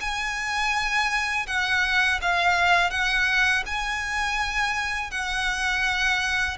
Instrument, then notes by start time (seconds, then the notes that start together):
violin
0.00 G#5
1.46 F#5
2.22 F5
2.90 F#5
3.66 G#5
5.11 F#5